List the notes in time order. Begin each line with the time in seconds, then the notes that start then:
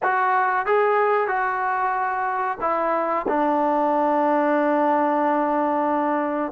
0.03 F#4
0.66 G#4
1.27 F#4
2.60 E4
3.28 D4